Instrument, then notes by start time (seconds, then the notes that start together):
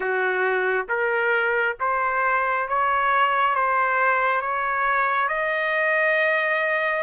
trumpet
0.00 F#4
0.88 A#4
1.80 C5
2.68 C#5
3.55 C5
4.41 C#5
5.28 D#5